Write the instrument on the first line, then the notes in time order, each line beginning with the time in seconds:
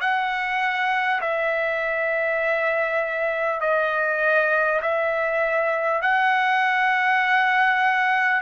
trumpet
0.00 F#5
1.21 E5
3.61 D#5
4.82 E5
6.02 F#5